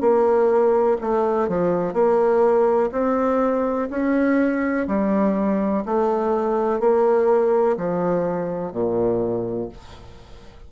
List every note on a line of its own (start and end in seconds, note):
0.00 0.97 A#3
1.01 1.48 A3
1.48 1.93 F3
1.93 2.90 A#3
2.92 3.88 C4
3.90 4.87 C#4
4.87 5.84 G3
5.85 6.80 A3
6.80 7.76 A#3
7.77 8.72 F3
8.72 9.69 A#2